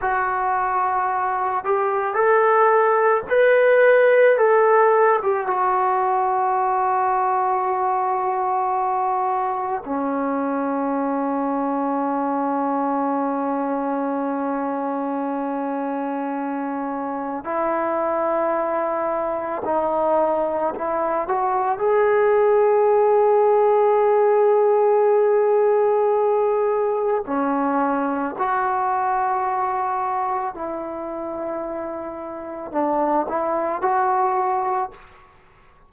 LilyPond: \new Staff \with { instrumentName = "trombone" } { \time 4/4 \tempo 4 = 55 fis'4. g'8 a'4 b'4 | a'8. g'16 fis'2.~ | fis'4 cis'2.~ | cis'1 |
e'2 dis'4 e'8 fis'8 | gis'1~ | gis'4 cis'4 fis'2 | e'2 d'8 e'8 fis'4 | }